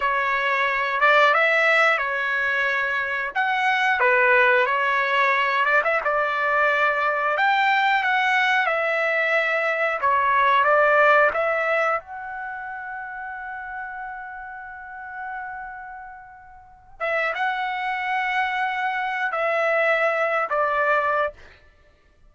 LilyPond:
\new Staff \with { instrumentName = "trumpet" } { \time 4/4 \tempo 4 = 90 cis''4. d''8 e''4 cis''4~ | cis''4 fis''4 b'4 cis''4~ | cis''8 d''16 e''16 d''2 g''4 | fis''4 e''2 cis''4 |
d''4 e''4 fis''2~ | fis''1~ | fis''4. e''8 fis''2~ | fis''4 e''4.~ e''16 d''4~ d''16 | }